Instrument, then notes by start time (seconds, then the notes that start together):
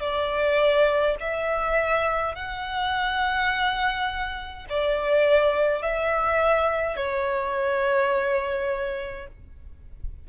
violin
0.00 D5
1.20 E5
2.35 F#5
4.69 D5
5.82 E5
6.97 C#5